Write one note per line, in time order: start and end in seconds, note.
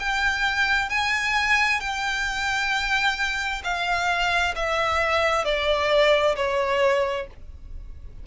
0.00 0.90 G5
0.90 1.81 G#5
1.81 3.62 G5
3.64 4.55 F5
4.56 5.45 E5
5.45 6.36 D5
6.36 7.27 C#5